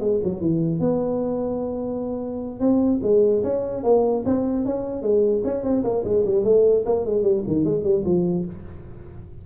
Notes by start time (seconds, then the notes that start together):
0.00 G#3
0.24 F#3
0.41 E3
0.80 B3
2.60 C4
3.03 G#3
3.43 C#4
3.83 A#3
4.25 C4
4.65 C#4
5.02 G#3
5.44 C#4
5.63 C4
5.84 A#3
6.04 G#3
6.25 G3
6.44 A3
6.85 A#3
7.05 G#3
7.23 G3
7.47 D#3
7.65 G#3
7.84 G3
8.05 F3